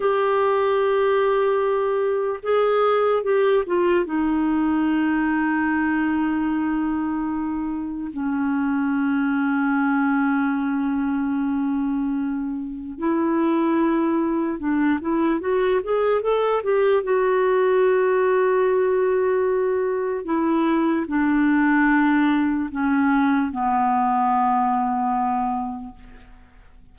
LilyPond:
\new Staff \with { instrumentName = "clarinet" } { \time 4/4 \tempo 4 = 74 g'2. gis'4 | g'8 f'8 dis'2.~ | dis'2 cis'2~ | cis'1 |
e'2 d'8 e'8 fis'8 gis'8 | a'8 g'8 fis'2.~ | fis'4 e'4 d'2 | cis'4 b2. | }